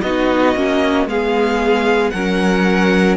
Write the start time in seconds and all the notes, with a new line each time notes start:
0.00 B3 D#4 F#4 D#5
0.55 A#3 C#4
1.05 G#3 B3 G#4 F5
2.10 F#3 C#4 A#4 F#5